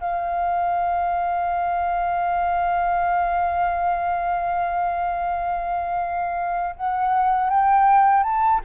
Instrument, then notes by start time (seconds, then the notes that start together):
flute
0.00 F5
6.76 F#5
7.50 G5
8.23 A5